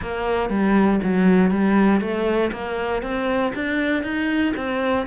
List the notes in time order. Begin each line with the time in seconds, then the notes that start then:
0.01 A#3
0.49 G3
1.03 F#3
1.50 G3
2.01 A3
2.51 A#3
3.02 C4
3.54 D4
4.03 D#4
4.56 C4